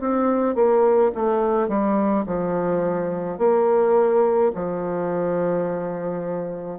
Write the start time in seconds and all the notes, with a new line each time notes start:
0.00 C4
0.55 A#3
1.14 A3
1.68 G3
2.26 F3
3.38 A#3
4.54 F3